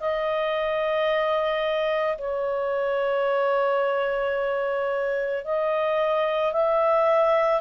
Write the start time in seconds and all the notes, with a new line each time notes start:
0.00 D#5
2.19 C#5
5.45 D#5
6.53 E5